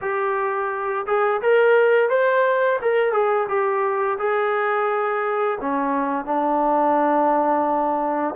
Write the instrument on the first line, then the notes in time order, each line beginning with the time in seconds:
trombone
0.01 G4
1.06 G#4
1.41 A#4
2.09 C5
2.81 A#4
3.12 G#4
3.48 G4
4.18 G#4
5.60 C#4
6.25 D4